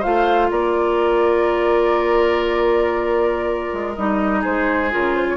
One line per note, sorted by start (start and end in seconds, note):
0.00 0.51 A3
0.00 3.97 F4
0.00 0.48 C5
0.00 0.51 F5
0.51 3.72 A#3
0.51 4.41 A#4
0.51 3.95 D5
3.74 3.97 G#3
3.95 4.45 G3
3.95 4.91 D#4
3.95 4.42 D#5
4.41 4.93 G#3
4.41 5.36 G#4
4.41 4.92 C5
4.91 5.37 C#3
4.91 5.37 F4
4.91 5.15 A#4
5.15 5.27 C5
5.30 5.37 C#5